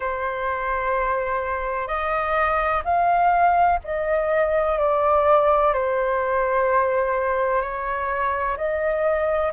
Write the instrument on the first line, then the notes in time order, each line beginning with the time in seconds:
flute
0.00 C5
1.87 D#5
2.84 F5
3.84 D#5
4.78 D5
5.73 C5
7.61 C#5
8.57 D#5